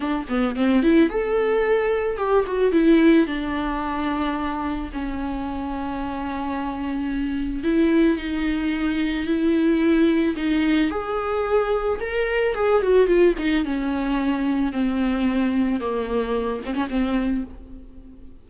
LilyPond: \new Staff \with { instrumentName = "viola" } { \time 4/4 \tempo 4 = 110 d'8 b8 c'8 e'8 a'2 | g'8 fis'8 e'4 d'2~ | d'4 cis'2.~ | cis'2 e'4 dis'4~ |
dis'4 e'2 dis'4 | gis'2 ais'4 gis'8 fis'8 | f'8 dis'8 cis'2 c'4~ | c'4 ais4. c'16 cis'16 c'4 | }